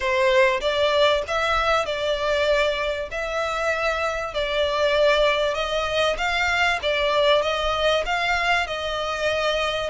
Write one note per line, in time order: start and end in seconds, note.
0.00 0.60 C5
0.60 1.22 D5
1.27 1.85 E5
1.85 3.09 D5
3.11 4.34 E5
4.34 5.54 D5
5.54 6.16 D#5
6.17 6.79 F5
6.82 7.42 D5
7.42 8.04 D#5
8.05 8.66 F5
8.66 9.90 D#5